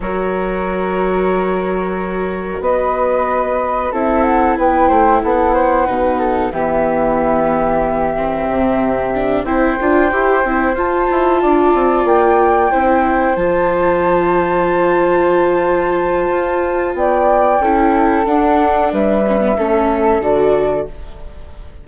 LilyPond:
<<
  \new Staff \with { instrumentName = "flute" } { \time 4/4 \tempo 4 = 92 cis''1 | dis''2 e''8 fis''8 g''4 | fis''2 e''2~ | e''2~ e''8 g''4.~ |
g''8 a''2 g''4.~ | g''8 a''2.~ a''8~ | a''2 g''2 | fis''4 e''2 d''4 | }
  \new Staff \with { instrumentName = "flute" } { \time 4/4 ais'1 | b'2 a'4 b'8 c''8 | a'8 c''8 b'8 a'8 g'2~ | g'2~ g'8 c''4.~ |
c''4. d''2 c''8~ | c''1~ | c''2 d''4 a'4~ | a'4 b'4 a'2 | }
  \new Staff \with { instrumentName = "viola" } { \time 4/4 fis'1~ | fis'2 e'2~ | e'4 dis'4 b2~ | b8 c'4. d'8 e'8 f'8 g'8 |
e'8 f'2. e'8~ | e'8 f'2.~ f'8~ | f'2. e'4 | d'4. cis'16 b16 cis'4 fis'4 | }
  \new Staff \with { instrumentName = "bassoon" } { \time 4/4 fis1 | b2 c'4 b8 a8 | b4 b,4 e2~ | e4 c4. c'8 d'8 e'8 |
c'8 f'8 e'8 d'8 c'8 ais4 c'8~ | c'8 f2.~ f8~ | f4 f'4 b4 cis'4 | d'4 g4 a4 d4 | }
>>